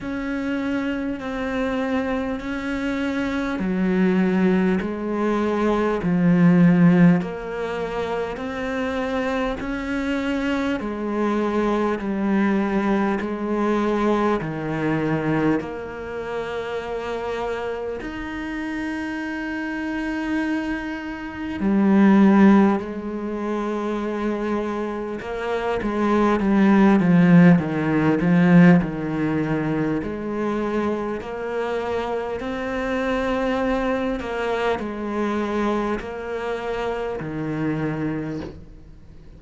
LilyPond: \new Staff \with { instrumentName = "cello" } { \time 4/4 \tempo 4 = 50 cis'4 c'4 cis'4 fis4 | gis4 f4 ais4 c'4 | cis'4 gis4 g4 gis4 | dis4 ais2 dis'4~ |
dis'2 g4 gis4~ | gis4 ais8 gis8 g8 f8 dis8 f8 | dis4 gis4 ais4 c'4~ | c'8 ais8 gis4 ais4 dis4 | }